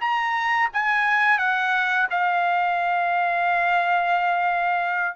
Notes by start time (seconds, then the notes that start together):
0.00 A#5
0.73 G#5
1.38 F#5
2.10 F5